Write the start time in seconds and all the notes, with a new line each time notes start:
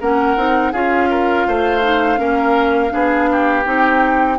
0.00 A#3 C#4 A#4 F#5
0.36 C4 D#4
0.72 C#4 F4 G#4 F5
1.10 A#4
1.47 A3 C5
1.81 D#4
2.17 A#3 C#4 A#4
2.89 B3 D4 G#4
3.32 G4
3.65 C4 D#4 G5